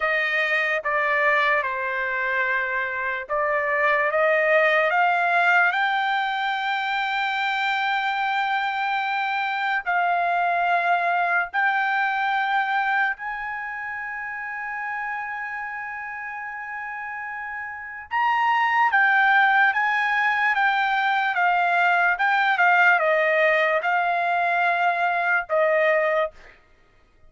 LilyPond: \new Staff \with { instrumentName = "trumpet" } { \time 4/4 \tempo 4 = 73 dis''4 d''4 c''2 | d''4 dis''4 f''4 g''4~ | g''1 | f''2 g''2 |
gis''1~ | gis''2 ais''4 g''4 | gis''4 g''4 f''4 g''8 f''8 | dis''4 f''2 dis''4 | }